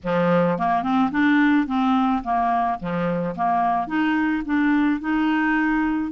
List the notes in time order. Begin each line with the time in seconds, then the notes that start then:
0.03 F3
0.58 A#3
0.82 C4
1.11 D4
1.66 C4
2.23 A#3
2.79 F3
3.35 A#3
3.87 D#4
4.45 D4
5.00 D#4